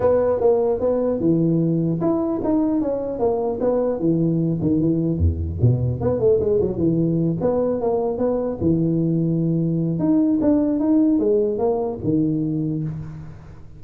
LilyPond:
\new Staff \with { instrumentName = "tuba" } { \time 4/4 \tempo 4 = 150 b4 ais4 b4 e4~ | e4 e'4 dis'4 cis'4 | ais4 b4 e4. dis8 | e4 e,4 b,4 b8 a8 |
gis8 fis8 e4. b4 ais8~ | ais8 b4 e2~ e8~ | e4 dis'4 d'4 dis'4 | gis4 ais4 dis2 | }